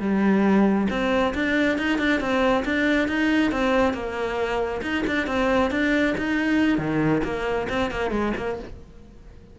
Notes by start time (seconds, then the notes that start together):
0.00 G3
0.90 C4
1.35 D4
1.78 D#4
1.99 D4
2.20 C4
2.65 D4
3.08 D#4
3.52 C4
3.94 A#3
4.82 D#4
5.07 D4
5.27 C4
5.71 D4
6.18 D#4
6.78 D#3
7.24 A#3
7.70 C4
7.91 A#3
8.11 G#3
8.37 A#3